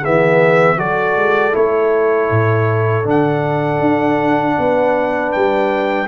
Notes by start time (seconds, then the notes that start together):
0.00 E3 B3 G#4 E5
0.76 F#3 F#4 A4 D5
1.15 G#3
1.52 A3 E4 C#5
2.30 A2
3.03 D3 D4 F#5
3.79 D4
4.58 B3 B4
5.32 G3 G5